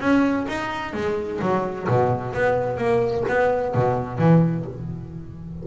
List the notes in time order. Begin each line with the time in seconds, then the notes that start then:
0.00 C#4
0.48 D#4
0.94 G#3
1.41 F#3
1.88 B2
2.34 B3
2.78 A#3
3.29 B3
3.75 B2
4.19 E3